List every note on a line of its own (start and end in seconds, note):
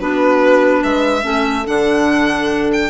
0.00 0.84 B3
0.00 1.22 D4
0.00 0.82 F#4
0.00 0.83 B4
0.82 1.24 G#3
0.82 1.24 B4
0.82 1.67 E5
1.22 1.66 A3
1.22 1.64 C#4
1.22 2.90 A4
1.66 2.90 D3
1.66 2.90 D4
1.66 2.71 F#5
2.73 2.90 G5